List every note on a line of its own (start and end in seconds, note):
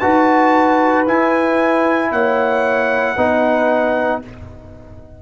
0.00 1.07 D#4
0.00 1.07 F#4
0.00 2.11 B4
0.00 1.05 A5
1.07 2.12 E4
1.07 3.17 E4
1.07 2.12 G#5
2.12 3.17 A#3
2.12 3.16 C#5
2.12 4.22 F#5
3.16 4.22 B3
3.16 4.22 D#4
3.16 4.21 B4